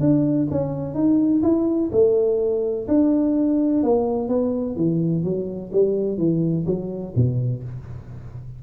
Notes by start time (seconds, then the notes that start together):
0.00 D4
0.51 C#4
0.94 D#4
1.43 E4
1.92 A3
2.88 D4
3.83 A#3
4.28 B3
4.76 E3
5.23 F#3
5.72 G3
6.18 E3
6.66 F#3
7.16 B2